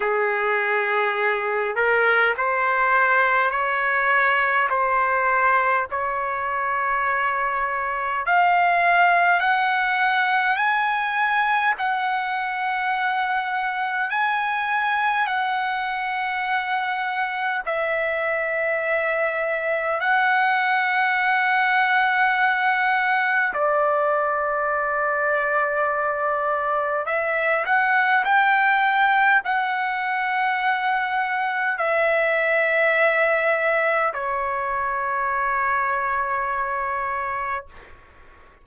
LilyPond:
\new Staff \with { instrumentName = "trumpet" } { \time 4/4 \tempo 4 = 51 gis'4. ais'8 c''4 cis''4 | c''4 cis''2 f''4 | fis''4 gis''4 fis''2 | gis''4 fis''2 e''4~ |
e''4 fis''2. | d''2. e''8 fis''8 | g''4 fis''2 e''4~ | e''4 cis''2. | }